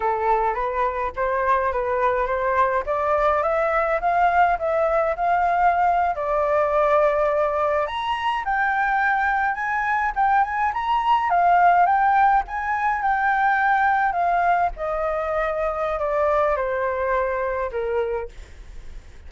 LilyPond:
\new Staff \with { instrumentName = "flute" } { \time 4/4 \tempo 4 = 105 a'4 b'4 c''4 b'4 | c''4 d''4 e''4 f''4 | e''4 f''4.~ f''16 d''4~ d''16~ | d''4.~ d''16 ais''4 g''4~ g''16~ |
g''8. gis''4 g''8 gis''8 ais''4 f''16~ | f''8. g''4 gis''4 g''4~ g''16~ | g''8. f''4 dis''2~ dis''16 | d''4 c''2 ais'4 | }